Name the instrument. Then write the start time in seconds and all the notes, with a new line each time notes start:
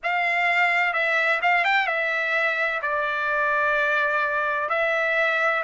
trumpet
0.03 F5
0.93 E5
1.42 F5
1.64 G5
1.87 E5
2.81 D5
4.69 E5